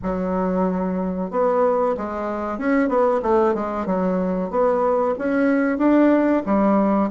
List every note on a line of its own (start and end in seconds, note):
0.02 1.30 F#3
1.30 1.95 B3
1.97 2.58 G#3
2.58 2.88 C#4
2.88 3.21 B3
3.22 3.54 A3
3.54 3.86 G#3
3.86 4.50 F#3
4.50 5.14 B3
5.18 5.78 C#4
5.78 6.42 D4
6.45 7.10 G3